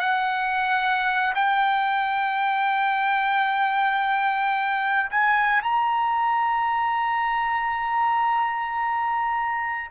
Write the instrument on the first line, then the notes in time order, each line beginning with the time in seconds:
trumpet
0.00 F#5
1.35 G5
5.10 G#5
5.62 A#5